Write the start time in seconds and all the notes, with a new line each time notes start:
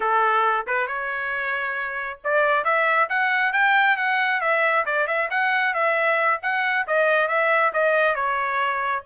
0.00 A4
0.66 B4
0.87 C#5
2.23 D5
2.64 E5
3.09 F#5
3.52 G5
3.97 F#5
4.41 E5
4.85 D5
5.07 E5
5.30 F#5
5.74 E5
6.42 F#5
6.87 D#5
7.28 E5
7.73 D#5
8.15 C#5